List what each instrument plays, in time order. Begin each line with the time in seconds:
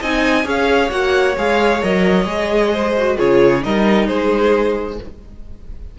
0.00 cello C4, viola D#4, violin D#5 G#5
0.44 cello C#4, viola G#4, violin C#5 F5
0.90 cello A#3, viola F#4, violin F#5
1.37 cello G#3, viola G#4, violin F5
1.82 cello F#3, viola A#4, violin D#5
2.25 cello G#3, viola G#4
2.73 violin C5
2.97 viola F#4
3.17 cello C#3, viola F4, violin G#4 C#5
3.61 cello G3, viola D#4, violin A#4 D#5
4.07 cello G#3, violin G#4 C5